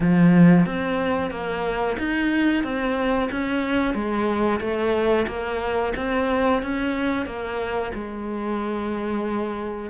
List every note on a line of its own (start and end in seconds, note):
0.00 0.65 F3
0.65 1.30 C4
1.30 1.96 A#3
1.98 2.63 D#4
2.63 3.29 C4
3.31 3.94 C#4
3.94 4.60 G#3
4.60 5.26 A3
5.27 5.93 A#3
5.96 6.62 C4
6.62 7.26 C#4
7.26 7.92 A#3
7.94 9.90 G#3